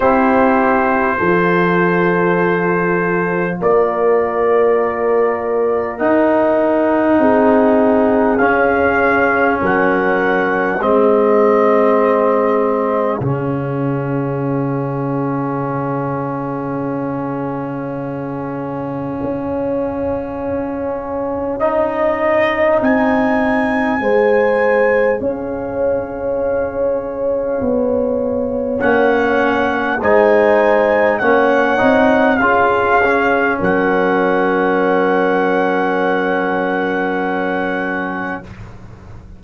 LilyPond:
<<
  \new Staff \with { instrumentName = "trumpet" } { \time 4/4 \tempo 4 = 50 c''2. d''4~ | d''4 fis''2 f''4 | fis''4 dis''2 f''4~ | f''1~ |
f''2 dis''4 gis''4~ | gis''4 f''2. | fis''4 gis''4 fis''4 f''4 | fis''1 | }
  \new Staff \with { instrumentName = "horn" } { \time 4/4 g'4 a'2 ais'4~ | ais'2 gis'2 | ais'4 gis'2.~ | gis'1~ |
gis'1 | c''4 cis''2.~ | cis''4 c''4 cis''4 gis'4 | ais'1 | }
  \new Staff \with { instrumentName = "trombone" } { \time 4/4 e'4 f'2.~ | f'4 dis'2 cis'4~ | cis'4 c'2 cis'4~ | cis'1~ |
cis'2 dis'2 | gis'1 | cis'4 dis'4 cis'8 dis'8 f'8 cis'8~ | cis'1 | }
  \new Staff \with { instrumentName = "tuba" } { \time 4/4 c'4 f2 ais4~ | ais4 dis'4 c'4 cis'4 | fis4 gis2 cis4~ | cis1 |
cis'2. c'4 | gis4 cis'2 b4 | ais4 gis4 ais8 c'8 cis'4 | fis1 | }
>>